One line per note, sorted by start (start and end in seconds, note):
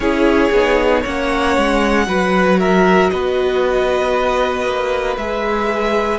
0.00 0.49 C#4
0.00 0.53 E4
0.00 1.01 G#4
0.00 1.03 C#5
0.52 1.03 B3
0.52 1.05 D#4
1.01 1.57 A#3
1.01 2.07 C#4
1.01 2.04 C#5
1.01 2.59 F#5
1.57 2.06 G#3
2.06 3.10 F#3
2.06 5.17 F#4
2.06 2.59 B4
2.59 3.11 A#4
2.59 3.09 E5
3.09 4.66 B3
3.09 6.19 B4
3.09 5.16 D#5
4.66 5.16 A#3
5.16 6.19 G#3
5.16 6.19 G#4
5.16 6.19 E5